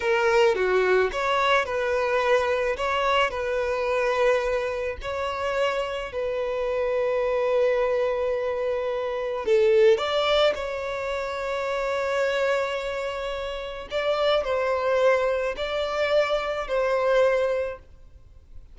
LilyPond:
\new Staff \with { instrumentName = "violin" } { \time 4/4 \tempo 4 = 108 ais'4 fis'4 cis''4 b'4~ | b'4 cis''4 b'2~ | b'4 cis''2 b'4~ | b'1~ |
b'4 a'4 d''4 cis''4~ | cis''1~ | cis''4 d''4 c''2 | d''2 c''2 | }